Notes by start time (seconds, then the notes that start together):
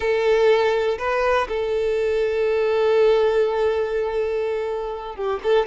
0.00 A4
0.98 B4
1.48 A4
5.15 G4
5.43 A4